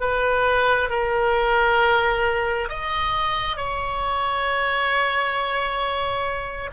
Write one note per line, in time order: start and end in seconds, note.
0.00 0.90 B4
0.90 2.69 A#4
2.69 3.57 D#5
3.57 6.70 C#5